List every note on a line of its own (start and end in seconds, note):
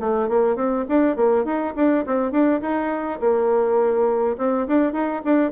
0.00 0.29 A3
0.29 0.56 A#3
0.56 0.85 C4
0.88 1.16 D4
1.16 1.45 A#3
1.45 1.74 D#4
1.76 2.05 D4
2.06 2.31 C4
2.31 2.61 D4
2.61 3.20 D#4
3.20 4.37 A#3
4.38 4.67 C4
4.67 4.93 D4
4.93 5.22 D#4
5.25 5.52 D4